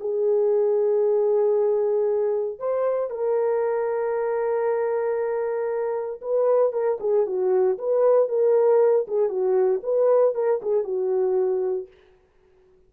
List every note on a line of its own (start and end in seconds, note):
0.00 2.58 G#4
2.58 3.10 C5
3.10 6.20 A#4
6.21 6.72 B4
6.72 6.98 A#4
7.00 7.26 G#4
7.26 7.77 F#4
7.78 8.28 B4
8.28 9.06 A#4
9.07 9.29 G#4
9.29 9.80 F#4
9.82 10.34 B4
10.34 10.60 A#4
10.62 10.83 G#4
10.83 11.87 F#4